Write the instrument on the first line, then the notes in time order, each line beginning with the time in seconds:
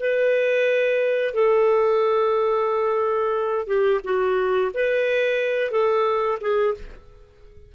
clarinet
0.00 B4
1.35 A4
3.68 G4
4.04 F#4
4.74 B4
5.72 A4
6.41 G#4